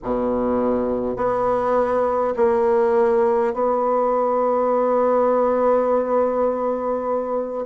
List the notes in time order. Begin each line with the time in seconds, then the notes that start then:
0.03 B2
1.16 B3
2.36 A#3
3.53 B3